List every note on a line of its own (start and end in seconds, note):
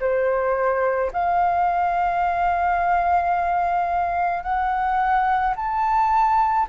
0.00 1.11 C5
1.13 4.43 F5
4.43 5.54 F#5
5.56 6.67 A5